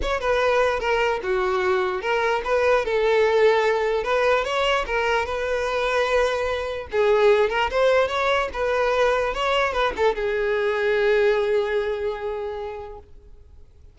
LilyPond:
\new Staff \with { instrumentName = "violin" } { \time 4/4 \tempo 4 = 148 cis''8 b'4. ais'4 fis'4~ | fis'4 ais'4 b'4 a'4~ | a'2 b'4 cis''4 | ais'4 b'2.~ |
b'4 gis'4. ais'8 c''4 | cis''4 b'2 cis''4 | b'8 a'8 gis'2.~ | gis'1 | }